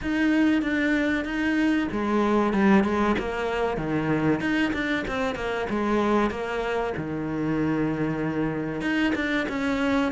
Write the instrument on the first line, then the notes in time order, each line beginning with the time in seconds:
cello
0.01 D#4
0.61 D4
1.25 D#4
1.91 G#3
2.53 G3
2.84 G#3
3.18 A#3
3.77 D#3
4.40 D#4
4.73 D4
5.07 C4
5.35 A#3
5.69 G#3
6.30 A#3
6.96 D#3
8.81 D#4
9.15 D4
9.49 C#4